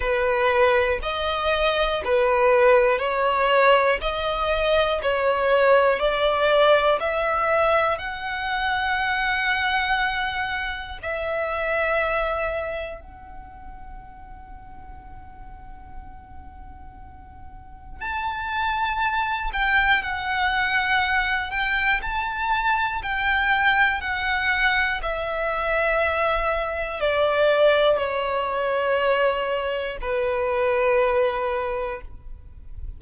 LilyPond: \new Staff \with { instrumentName = "violin" } { \time 4/4 \tempo 4 = 60 b'4 dis''4 b'4 cis''4 | dis''4 cis''4 d''4 e''4 | fis''2. e''4~ | e''4 fis''2.~ |
fis''2 a''4. g''8 | fis''4. g''8 a''4 g''4 | fis''4 e''2 d''4 | cis''2 b'2 | }